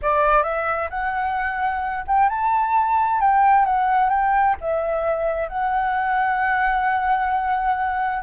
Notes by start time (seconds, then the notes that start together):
0.02 D5
0.43 E5
0.90 F#5
2.07 G5
2.29 A5
3.20 G5
3.65 F#5
4.09 G5
4.61 E5
5.48 F#5